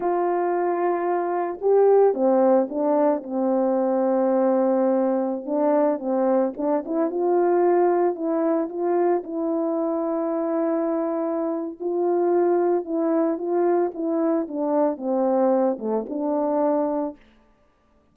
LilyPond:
\new Staff \with { instrumentName = "horn" } { \time 4/4 \tempo 4 = 112 f'2. g'4 | c'4 d'4 c'2~ | c'2~ c'16 d'4 c'8.~ | c'16 d'8 e'8 f'2 e'8.~ |
e'16 f'4 e'2~ e'8.~ | e'2 f'2 | e'4 f'4 e'4 d'4 | c'4. a8 d'2 | }